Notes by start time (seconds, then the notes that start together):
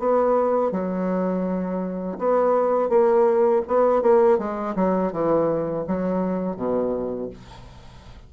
0.00 B3
0.72 F#3
2.19 B3
2.90 A#3
3.68 B3
4.02 A#3
4.39 G#3
4.76 F#3
5.13 E3
5.88 F#3
6.57 B2